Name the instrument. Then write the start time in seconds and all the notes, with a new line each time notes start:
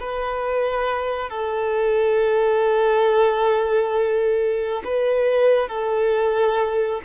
violin
0.00 B4
1.30 A4
4.84 B4
5.68 A4